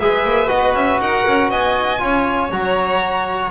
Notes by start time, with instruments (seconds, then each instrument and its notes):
0.00 double bass G#3, trombone G#4, violin B4 E5
0.24 double bass A#3
0.48 double bass B3, trombone F#4, violin D#5
0.74 double bass C#4, violin E5
1.00 double bass D#4, violin A#4 F#5
1.27 double bass C#4
1.51 double bass B3, violin D#5 G#5
1.99 double bass C#4, trombone F4, violin C#5
2.51 double bass F#3, trombone F#4, violin A#5